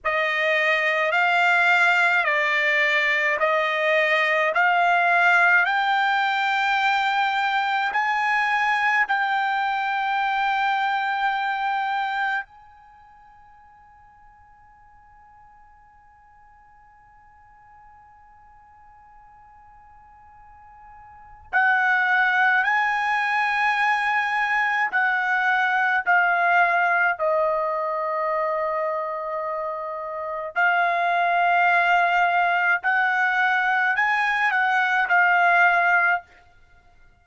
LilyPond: \new Staff \with { instrumentName = "trumpet" } { \time 4/4 \tempo 4 = 53 dis''4 f''4 d''4 dis''4 | f''4 g''2 gis''4 | g''2. gis''4~ | gis''1~ |
gis''2. fis''4 | gis''2 fis''4 f''4 | dis''2. f''4~ | f''4 fis''4 gis''8 fis''8 f''4 | }